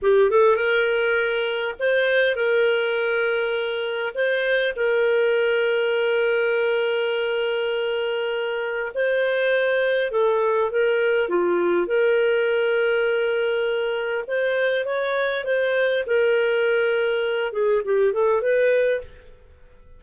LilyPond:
\new Staff \with { instrumentName = "clarinet" } { \time 4/4 \tempo 4 = 101 g'8 a'8 ais'2 c''4 | ais'2. c''4 | ais'1~ | ais'2. c''4~ |
c''4 a'4 ais'4 f'4 | ais'1 | c''4 cis''4 c''4 ais'4~ | ais'4. gis'8 g'8 a'8 b'4 | }